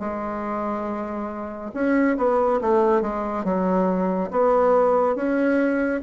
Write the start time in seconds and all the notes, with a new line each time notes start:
0.00 G#3
1.74 C#4
2.17 B3
2.62 A3
3.02 G#3
3.45 F#3
4.31 B3
5.16 C#4